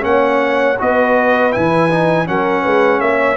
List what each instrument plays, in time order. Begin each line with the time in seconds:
0.00 tuba A#3, trombone C#4, trumpet F#5
0.06 horn C#5
0.79 tuba B3, trombone F#4, horn B4, trumpet D#5
1.52 tuba E3, trombone E4, trumpet G#5
1.89 trombone D#4
2.25 tuba F#3, trombone C#4, horn A#4, trumpet F#5
2.62 tuba G#3, horn B4
3.00 tuba A#3, horn C#5, trumpet E5